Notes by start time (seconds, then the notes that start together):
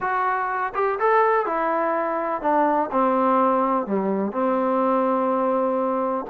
0.00 F#4
0.74 G4
0.99 A4
1.46 E4
2.41 D4
2.91 C4
3.86 G3
4.32 C4